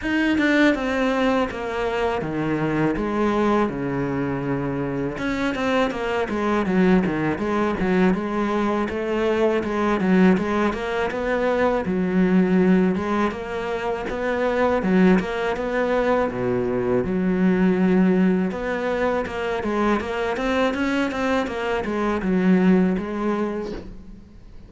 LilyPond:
\new Staff \with { instrumentName = "cello" } { \time 4/4 \tempo 4 = 81 dis'8 d'8 c'4 ais4 dis4 | gis4 cis2 cis'8 c'8 | ais8 gis8 fis8 dis8 gis8 fis8 gis4 | a4 gis8 fis8 gis8 ais8 b4 |
fis4. gis8 ais4 b4 | fis8 ais8 b4 b,4 fis4~ | fis4 b4 ais8 gis8 ais8 c'8 | cis'8 c'8 ais8 gis8 fis4 gis4 | }